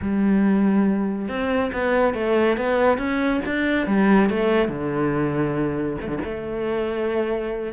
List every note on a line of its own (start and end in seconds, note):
0.01 1.28 G3
1.28 1.71 C4
1.73 2.14 B3
2.14 2.57 A3
2.57 2.98 B3
2.98 3.41 C#4
3.45 3.86 D4
3.86 4.29 G3
4.29 4.68 A3
4.68 5.97 D3
6.01 6.07 A3
6.07 6.18 D3
6.24 7.73 A3